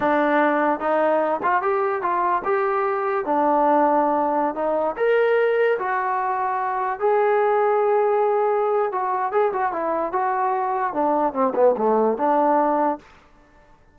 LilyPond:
\new Staff \with { instrumentName = "trombone" } { \time 4/4 \tempo 4 = 148 d'2 dis'4. f'8 | g'4 f'4 g'2 | d'2.~ d'16 dis'8.~ | dis'16 ais'2 fis'4.~ fis'16~ |
fis'4~ fis'16 gis'2~ gis'8.~ | gis'2 fis'4 gis'8 fis'8 | e'4 fis'2 d'4 | c'8 b8 a4 d'2 | }